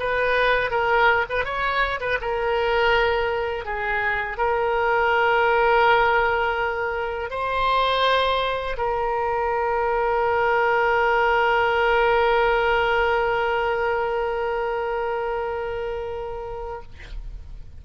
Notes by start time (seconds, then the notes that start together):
0.00 B4
0.71 A#4
1.30 B4
1.45 C#5
2.01 B4
2.21 A#4
3.66 G#4
4.38 A#4
7.30 C5
8.78 A#4